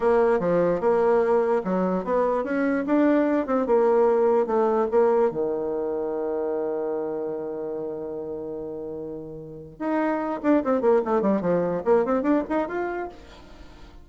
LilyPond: \new Staff \with { instrumentName = "bassoon" } { \time 4/4 \tempo 4 = 147 ais4 f4 ais2 | fis4 b4 cis'4 d'4~ | d'8 c'8 ais2 a4 | ais4 dis2.~ |
dis1~ | dis1 | dis'4. d'8 c'8 ais8 a8 g8 | f4 ais8 c'8 d'8 dis'8 f'4 | }